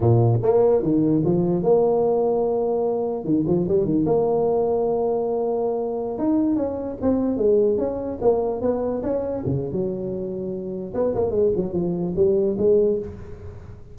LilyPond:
\new Staff \with { instrumentName = "tuba" } { \time 4/4 \tempo 4 = 148 ais,4 ais4 dis4 f4 | ais1 | dis8 f8 g8 dis8 ais2~ | ais2.~ ais16 dis'8.~ |
dis'16 cis'4 c'4 gis4 cis'8.~ | cis'16 ais4 b4 cis'4 cis8. | fis2. b8 ais8 | gis8 fis8 f4 g4 gis4 | }